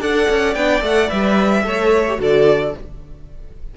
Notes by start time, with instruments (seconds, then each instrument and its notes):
0.00 cello D4, viola A4, violin D5 F#5
0.30 cello C#4
0.55 cello B3, viola D4, violin G5
0.81 cello A3, viola A4, violin F#5
1.07 cello G3, viola B4, violin E5
1.64 cello A3, viola A4, violin C#5
2.08 viola G4
2.17 cello D3, viola F#4, violin A4 D5